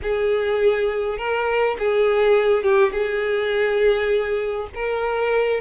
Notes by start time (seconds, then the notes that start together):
0.02 G#4
1.17 A#4
1.78 G#4
2.63 G4
2.92 G#4
4.75 A#4